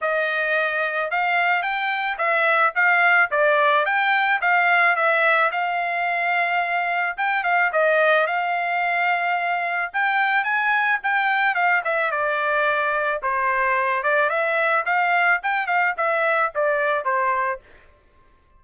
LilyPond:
\new Staff \with { instrumentName = "trumpet" } { \time 4/4 \tempo 4 = 109 dis''2 f''4 g''4 | e''4 f''4 d''4 g''4 | f''4 e''4 f''2~ | f''4 g''8 f''8 dis''4 f''4~ |
f''2 g''4 gis''4 | g''4 f''8 e''8 d''2 | c''4. d''8 e''4 f''4 | g''8 f''8 e''4 d''4 c''4 | }